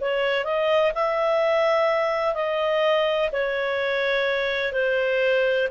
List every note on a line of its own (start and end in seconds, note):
0.00 0.44 C#5
0.44 0.92 D#5
0.94 2.34 E5
2.34 3.29 D#5
3.32 4.72 C#5
4.72 5.68 C5